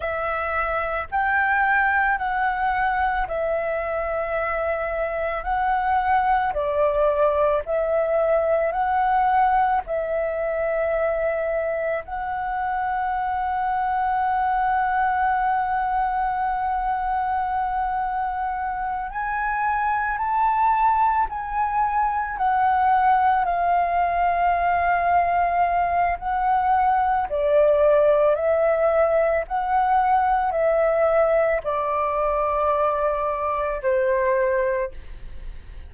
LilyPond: \new Staff \with { instrumentName = "flute" } { \time 4/4 \tempo 4 = 55 e''4 g''4 fis''4 e''4~ | e''4 fis''4 d''4 e''4 | fis''4 e''2 fis''4~ | fis''1~ |
fis''4. gis''4 a''4 gis''8~ | gis''8 fis''4 f''2~ f''8 | fis''4 d''4 e''4 fis''4 | e''4 d''2 c''4 | }